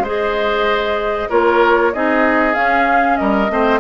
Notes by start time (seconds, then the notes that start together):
0.00 G#3 G#4 C5
0.08 D#5
1.29 A#3 F4 A#4 C#5
1.93 C4 D#4 G#4 D#5
2.54 C#4 F5
3.17 G3 A#4 D#5
3.50 A3 C4 C5